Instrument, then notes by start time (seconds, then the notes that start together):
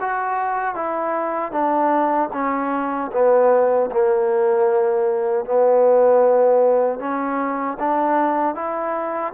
trombone
0.00 F#4
0.75 E4
1.52 D4
2.33 C#4
3.12 B3
3.91 A#3
5.45 B3
6.99 C#4
7.80 D4
8.55 E4